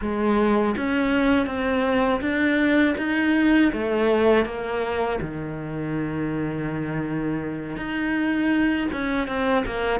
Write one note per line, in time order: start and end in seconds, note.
0.01 0.75 G#3
0.76 1.46 C#4
1.46 2.20 C4
2.21 2.95 D4
2.97 3.71 D#4
3.72 4.45 A3
4.45 5.19 A#3
5.21 7.76 D#3
7.76 8.87 D#4
8.92 9.27 C#4
9.27 9.64 C4
9.66 10.00 A#3